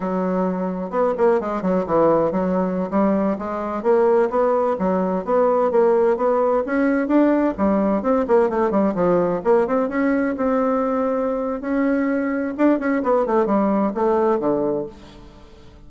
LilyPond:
\new Staff \with { instrumentName = "bassoon" } { \time 4/4 \tempo 4 = 129 fis2 b8 ais8 gis8 fis8 | e4 fis4~ fis16 g4 gis8.~ | gis16 ais4 b4 fis4 b8.~ | b16 ais4 b4 cis'4 d'8.~ |
d'16 g4 c'8 ais8 a8 g8 f8.~ | f16 ais8 c'8 cis'4 c'4.~ c'16~ | c'4 cis'2 d'8 cis'8 | b8 a8 g4 a4 d4 | }